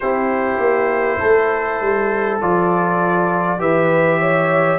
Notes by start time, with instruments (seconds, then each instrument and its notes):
0.00 tuba C4, trombone E4, horn G4, trumpet C5
0.58 tuba A#3
1.19 tuba A3, horn A4
1.80 tuba G3
2.41 tuba F3, trombone F4, trumpet D5
3.58 tuba E3, trombone G4, horn B4, trumpet E5
4.19 horn C#5